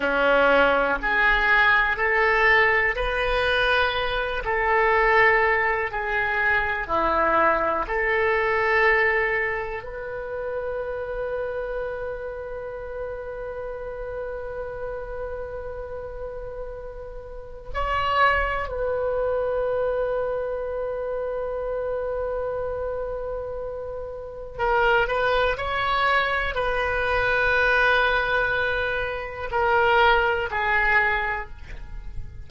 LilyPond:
\new Staff \with { instrumentName = "oboe" } { \time 4/4 \tempo 4 = 61 cis'4 gis'4 a'4 b'4~ | b'8 a'4. gis'4 e'4 | a'2 b'2~ | b'1~ |
b'2 cis''4 b'4~ | b'1~ | b'4 ais'8 b'8 cis''4 b'4~ | b'2 ais'4 gis'4 | }